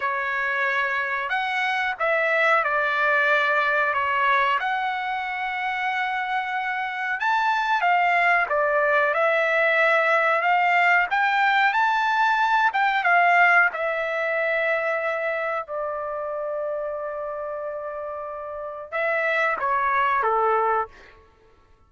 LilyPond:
\new Staff \with { instrumentName = "trumpet" } { \time 4/4 \tempo 4 = 92 cis''2 fis''4 e''4 | d''2 cis''4 fis''4~ | fis''2. a''4 | f''4 d''4 e''2 |
f''4 g''4 a''4. g''8 | f''4 e''2. | d''1~ | d''4 e''4 cis''4 a'4 | }